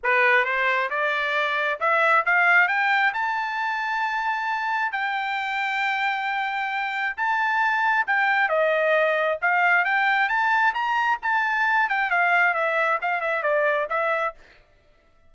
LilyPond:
\new Staff \with { instrumentName = "trumpet" } { \time 4/4 \tempo 4 = 134 b'4 c''4 d''2 | e''4 f''4 g''4 a''4~ | a''2. g''4~ | g''1 |
a''2 g''4 dis''4~ | dis''4 f''4 g''4 a''4 | ais''4 a''4. g''8 f''4 | e''4 f''8 e''8 d''4 e''4 | }